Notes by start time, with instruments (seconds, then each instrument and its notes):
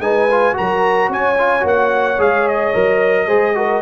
0.00 tuba G#3, trombone D#4, horn B4, trumpet G#5
0.32 trombone F4
0.54 tuba F#3, trombone F#4, horn A#4, trumpet A#5
1.09 tuba C#4, horn C#5, trumpet G#5
1.39 trombone F4
1.60 tuba A#3, trombone F#4
1.68 trumpet F#5
2.19 tuba G#3, trombone G#4, trumpet F5
2.49 trumpet D#5
2.74 tuba F#3, trombone A#4
3.27 tuba G#3, trombone G#4, horn C5
3.55 trombone F#4, horn A#4